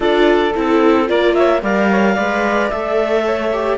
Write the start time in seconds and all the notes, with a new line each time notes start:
0.00 D4 F4 A4 D5
0.54 C4 E4 A4
1.06 A#3 F4 A#4 D5
1.34 C#5 E5
1.61 G3 A#4 D5 F5
1.90 C#5
2.14 G#3 B4 D5
2.69 A3 A4 E5
3.24 C#5
3.52 G4